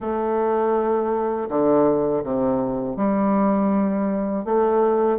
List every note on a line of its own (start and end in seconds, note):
0.00 1.48 A3
1.48 2.23 D3
2.23 2.96 C3
2.96 4.44 G3
4.44 5.18 A3